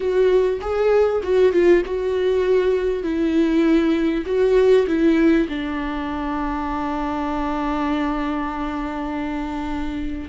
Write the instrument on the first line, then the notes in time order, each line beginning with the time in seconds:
viola
0.00 F#4
0.61 G#4
1.23 F#4
1.52 F4
1.85 F#4
3.03 E4
4.26 F#4
4.87 E4
5.48 D4